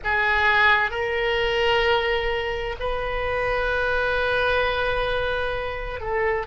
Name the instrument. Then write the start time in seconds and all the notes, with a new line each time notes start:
oboe
0.03 G#4
0.91 A#4
2.79 B4
6.00 A4